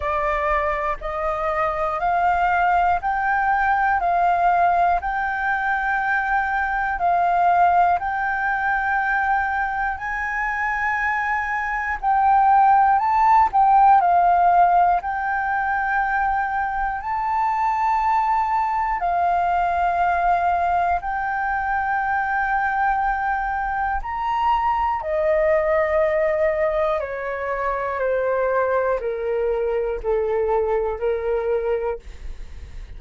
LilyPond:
\new Staff \with { instrumentName = "flute" } { \time 4/4 \tempo 4 = 60 d''4 dis''4 f''4 g''4 | f''4 g''2 f''4 | g''2 gis''2 | g''4 a''8 g''8 f''4 g''4~ |
g''4 a''2 f''4~ | f''4 g''2. | ais''4 dis''2 cis''4 | c''4 ais'4 a'4 ais'4 | }